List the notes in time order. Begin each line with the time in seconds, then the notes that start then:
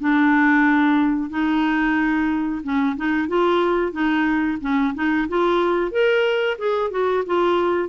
0.00 D4
1.30 D#4
2.63 C#4
2.97 D#4
3.28 F4
3.92 D#4
4.61 C#4
4.95 D#4
5.29 F4
5.92 A#4
6.58 G#4
6.91 F#4
7.26 F4